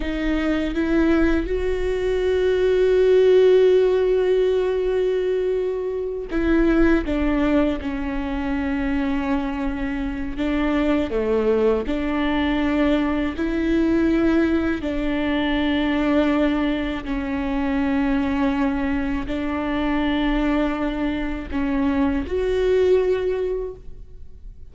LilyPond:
\new Staff \with { instrumentName = "viola" } { \time 4/4 \tempo 4 = 81 dis'4 e'4 fis'2~ | fis'1~ | fis'8 e'4 d'4 cis'4.~ | cis'2 d'4 a4 |
d'2 e'2 | d'2. cis'4~ | cis'2 d'2~ | d'4 cis'4 fis'2 | }